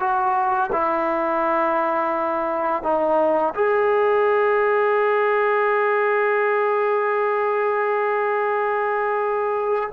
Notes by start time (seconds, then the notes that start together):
0.00 F#4
0.73 E4
2.84 D#4
3.55 G#4